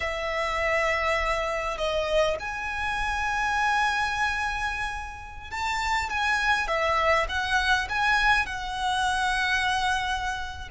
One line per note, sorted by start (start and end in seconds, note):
0.00 1.77 E5
1.77 2.37 D#5
2.39 5.51 G#5
5.51 6.09 A5
6.09 6.67 G#5
6.67 7.26 E5
7.28 7.88 F#5
7.89 8.46 G#5
8.46 10.68 F#5